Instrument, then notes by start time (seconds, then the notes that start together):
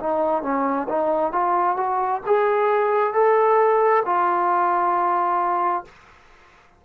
trombone
0.00 D#4
0.43 C#4
0.89 D#4
1.32 F4
1.77 F#4
2.26 G#4
3.13 A4
4.06 F4